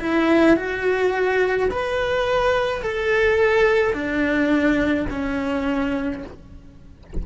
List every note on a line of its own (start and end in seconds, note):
0.00 0.57 E4
0.57 1.70 F#4
1.71 2.83 B4
2.83 3.94 A4
3.94 5.07 D4
5.10 6.23 C#4